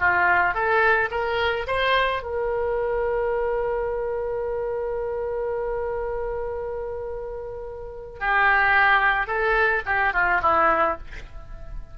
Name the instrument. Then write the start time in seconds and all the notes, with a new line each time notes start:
oboe
0.00 F4
0.54 A4
1.11 A#4
1.67 C5
2.23 A#4
8.20 G4
9.27 A4
9.86 G4
10.14 F4
10.43 E4